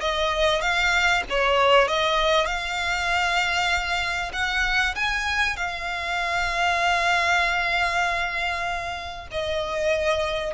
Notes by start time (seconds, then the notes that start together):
0.00 D#5
0.61 F5
1.29 C#5
1.88 D#5
2.45 F5
4.32 F#5
4.95 G#5
5.56 F5
9.31 D#5